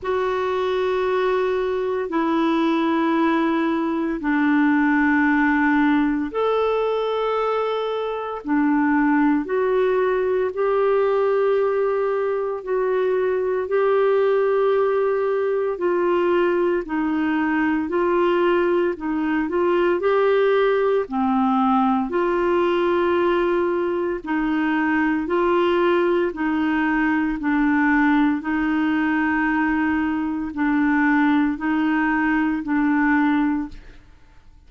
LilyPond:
\new Staff \with { instrumentName = "clarinet" } { \time 4/4 \tempo 4 = 57 fis'2 e'2 | d'2 a'2 | d'4 fis'4 g'2 | fis'4 g'2 f'4 |
dis'4 f'4 dis'8 f'8 g'4 | c'4 f'2 dis'4 | f'4 dis'4 d'4 dis'4~ | dis'4 d'4 dis'4 d'4 | }